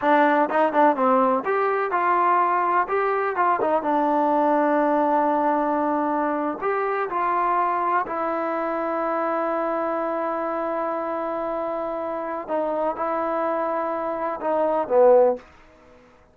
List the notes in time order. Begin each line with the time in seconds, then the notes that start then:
0.01 D4
0.49 D#4
0.72 D4
0.95 C4
1.45 G4
1.91 F4
2.88 G4
3.36 F4
3.61 D#4
3.82 D4
6.61 G4
7.09 F4
8.06 E4
12.48 D#4
12.96 E4
14.40 D#4
14.88 B3